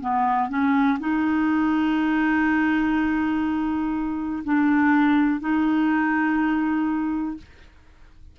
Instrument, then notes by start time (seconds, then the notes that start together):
clarinet
0.00 B3
0.49 C#4
0.99 D#4
4.44 D4
5.40 D#4